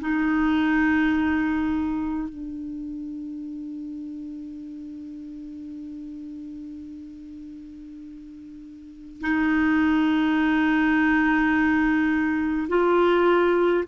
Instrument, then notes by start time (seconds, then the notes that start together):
clarinet
0.00 D#4
2.29 D4
9.21 D#4
12.68 F4